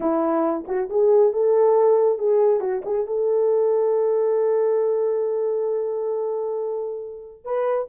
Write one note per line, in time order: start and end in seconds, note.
0.00 0.65 E4
0.67 0.89 F#4
0.89 1.33 G#4
1.33 2.18 A4
2.18 2.60 G#4
2.60 2.82 F#4
2.85 3.07 G#4
3.07 7.44 A4
7.44 7.88 B4